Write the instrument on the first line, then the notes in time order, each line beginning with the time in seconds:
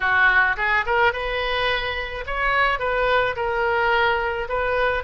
oboe
0.00 F#4
0.56 G#4
0.86 A#4
1.12 B4
2.26 C#5
2.79 B4
3.35 A#4
4.49 B4